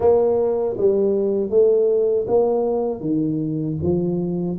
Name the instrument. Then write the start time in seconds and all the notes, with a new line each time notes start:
tuba
0.00 A#3
0.77 G3
1.50 A3
2.27 A#3
3.00 D#3
3.82 F3